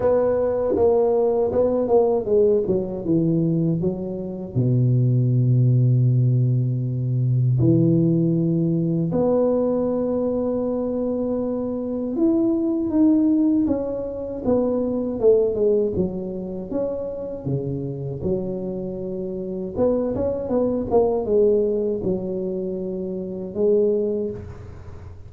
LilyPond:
\new Staff \with { instrumentName = "tuba" } { \time 4/4 \tempo 4 = 79 b4 ais4 b8 ais8 gis8 fis8 | e4 fis4 b,2~ | b,2 e2 | b1 |
e'4 dis'4 cis'4 b4 | a8 gis8 fis4 cis'4 cis4 | fis2 b8 cis'8 b8 ais8 | gis4 fis2 gis4 | }